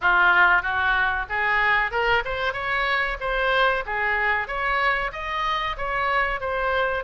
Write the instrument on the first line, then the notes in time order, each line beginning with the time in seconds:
oboe
0.01 F4
0.62 F#4
1.29 G#4
1.91 A#4
2.24 C5
2.53 C#5
3.20 C5
3.86 G#4
4.47 C#5
5.12 D#5
5.77 C#5
6.40 C5